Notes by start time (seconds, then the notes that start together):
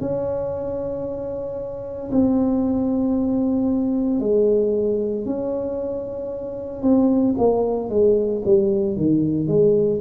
0.00 C#4
2.12 C4
4.20 G#3
5.25 C#4
6.82 C4
7.38 A#3
7.89 G#3
8.45 G3
8.97 D#3
9.48 G#3